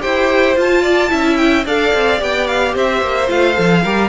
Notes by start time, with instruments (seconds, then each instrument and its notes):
0.00 cello E4, viola G4, violin C5 G5
0.55 viola F4, cello F4, violin A5
0.82 violin D5
1.08 cello C#4, viola E4, violin E5
1.36 violin G5
1.65 cello D4, viola A4, violin D5 F5
1.93 cello C4
2.17 cello B3, viola G4, violin G5
2.47 violin F5
2.74 cello C4, violin C5 E5
3.01 cello A#3
3.28 cello A3, viola F4, violin F5
3.54 cello F3, viola A4
3.82 cello G3, viola G4, violin A#4